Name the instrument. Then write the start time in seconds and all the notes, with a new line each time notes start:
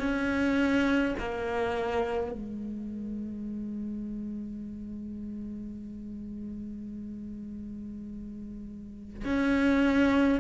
cello
0.00 C#4
1.19 A#3
2.32 G#3
9.25 C#4